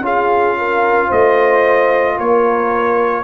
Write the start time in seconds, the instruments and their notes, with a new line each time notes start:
0.00 tuba C#4, trombone F4, horn G#4, trumpet F5
0.58 horn A#4
1.07 tuba A3, horn C5, trumpet D#5
2.17 tuba A#3, horn A#4, trumpet C#5